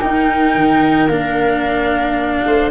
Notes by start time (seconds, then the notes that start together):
0.00 D#4 A#4 G5
0.55 D#3
1.09 A#3 D4 F5
2.47 A3 C5